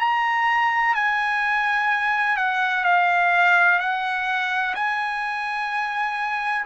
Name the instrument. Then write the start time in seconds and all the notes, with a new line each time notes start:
trumpet
0.00 A#5
0.95 G#5
2.37 F#5
2.84 F5
3.80 F#5
4.75 G#5